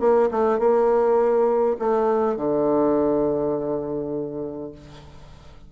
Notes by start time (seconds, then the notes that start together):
0.00 A#3
0.31 A3
0.59 A#3
1.79 A3
2.37 D3